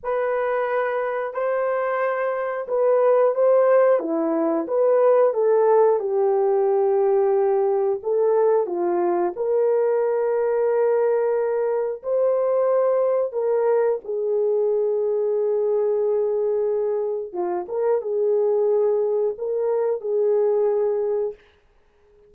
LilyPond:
\new Staff \with { instrumentName = "horn" } { \time 4/4 \tempo 4 = 90 b'2 c''2 | b'4 c''4 e'4 b'4 | a'4 g'2. | a'4 f'4 ais'2~ |
ais'2 c''2 | ais'4 gis'2.~ | gis'2 f'8 ais'8 gis'4~ | gis'4 ais'4 gis'2 | }